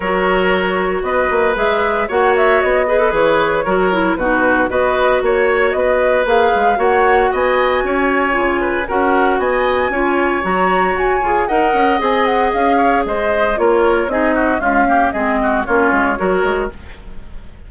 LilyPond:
<<
  \new Staff \with { instrumentName = "flute" } { \time 4/4 \tempo 4 = 115 cis''2 dis''4 e''4 | fis''8 e''8 dis''4 cis''2 | b'4 dis''4 cis''4 dis''4 | f''4 fis''4 gis''2~ |
gis''4 fis''4 gis''2 | ais''4 gis''4 fis''4 gis''8 fis''8 | f''4 dis''4 cis''4 dis''4 | f''4 dis''4 cis''2 | }
  \new Staff \with { instrumentName = "oboe" } { \time 4/4 ais'2 b'2 | cis''4. b'4. ais'4 | fis'4 b'4 cis''4 b'4~ | b'4 cis''4 dis''4 cis''4~ |
cis''8 b'8 ais'4 dis''4 cis''4~ | cis''2 dis''2~ | dis''8 cis''8 c''4 ais'4 gis'8 fis'8 | f'8 g'8 gis'8 fis'8 f'4 ais'4 | }
  \new Staff \with { instrumentName = "clarinet" } { \time 4/4 fis'2. gis'4 | fis'4. gis'16 a'16 gis'4 fis'8 e'8 | dis'4 fis'2. | gis'4 fis'2. |
f'4 fis'2 f'4 | fis'4. gis'8 ais'4 gis'4~ | gis'2 f'4 dis'4 | gis8 ais8 c'4 cis'4 fis'4 | }
  \new Staff \with { instrumentName = "bassoon" } { \time 4/4 fis2 b8 ais8 gis4 | ais4 b4 e4 fis4 | b,4 b4 ais4 b4 | ais8 gis8 ais4 b4 cis'4 |
cis4 cis'4 b4 cis'4 | fis4 fis'8 f'8 dis'8 cis'8 c'4 | cis'4 gis4 ais4 c'4 | cis'4 gis4 ais8 gis8 fis8 gis8 | }
>>